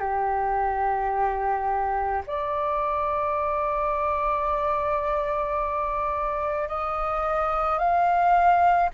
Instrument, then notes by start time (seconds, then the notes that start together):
flute
0.00 G4
2.27 D5
6.69 D#5
7.79 F5